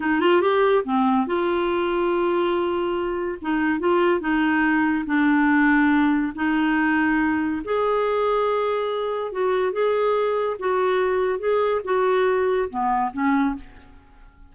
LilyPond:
\new Staff \with { instrumentName = "clarinet" } { \time 4/4 \tempo 4 = 142 dis'8 f'8 g'4 c'4 f'4~ | f'1 | dis'4 f'4 dis'2 | d'2. dis'4~ |
dis'2 gis'2~ | gis'2 fis'4 gis'4~ | gis'4 fis'2 gis'4 | fis'2 b4 cis'4 | }